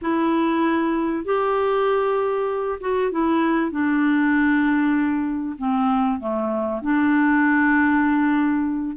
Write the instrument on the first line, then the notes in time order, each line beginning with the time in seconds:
clarinet
0.01 E4
1.24 G4
2.80 F#4
3.11 E4
3.71 D4
5.58 C4
6.20 A3
6.82 D4